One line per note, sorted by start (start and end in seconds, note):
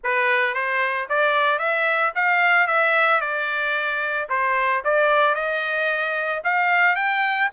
0.03 0.54 B4
0.54 1.08 C5
1.09 1.59 D5
1.59 2.12 E5
2.15 2.67 F5
2.67 3.20 E5
3.20 4.27 D5
4.29 4.82 C5
4.84 5.34 D5
5.34 6.42 D#5
6.43 6.95 F5
6.95 7.49 G5